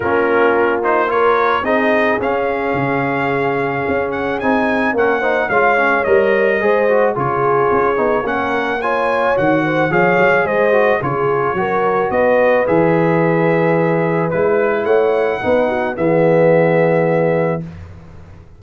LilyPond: <<
  \new Staff \with { instrumentName = "trumpet" } { \time 4/4 \tempo 4 = 109 ais'4. c''8 cis''4 dis''4 | f''2.~ f''8 fis''8 | gis''4 fis''4 f''4 dis''4~ | dis''4 cis''2 fis''4 |
gis''4 fis''4 f''4 dis''4 | cis''2 dis''4 e''4~ | e''2 b'4 fis''4~ | fis''4 e''2. | }
  \new Staff \with { instrumentName = "horn" } { \time 4/4 f'2 ais'4 gis'4~ | gis'1~ | gis'4 ais'8 c''8 cis''2 | c''4 gis'2 ais'4 |
cis''4. c''8 cis''4 c''4 | gis'4 ais'4 b'2~ | b'2. cis''4 | b'8 fis'8 gis'2. | }
  \new Staff \with { instrumentName = "trombone" } { \time 4/4 cis'4. dis'8 f'4 dis'4 | cis'1 | dis'4 cis'8 dis'8 f'8 cis'8 ais'4 | gis'8 fis'8 f'4. dis'8 cis'4 |
f'4 fis'4 gis'4. fis'8 | f'4 fis'2 gis'4~ | gis'2 e'2 | dis'4 b2. | }
  \new Staff \with { instrumentName = "tuba" } { \time 4/4 ais2. c'4 | cis'4 cis2 cis'4 | c'4 ais4 gis4 g4 | gis4 cis4 cis'8 b8 ais4~ |
ais4 dis4 f8 fis8 gis4 | cis4 fis4 b4 e4~ | e2 gis4 a4 | b4 e2. | }
>>